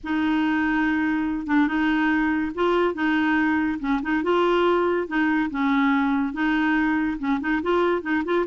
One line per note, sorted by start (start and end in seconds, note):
0.03 1.46 D#4
1.46 1.67 D4
1.67 2.52 D#4
2.55 2.94 F4
2.94 3.78 D#4
3.79 4.00 C#4
4.02 4.23 D#4
4.23 5.07 F4
5.07 5.49 D#4
5.50 6.33 C#4
6.33 7.17 D#4
7.18 7.39 C#4
7.40 7.61 D#4
7.62 8.01 F4
8.01 8.23 D#4
8.24 8.45 F4